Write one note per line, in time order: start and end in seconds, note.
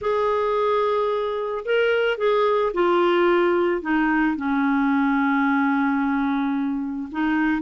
0.01 1.64 G#4
1.65 2.17 A#4
2.17 2.72 G#4
2.73 3.81 F4
3.81 4.36 D#4
4.36 7.09 C#4
7.11 7.62 D#4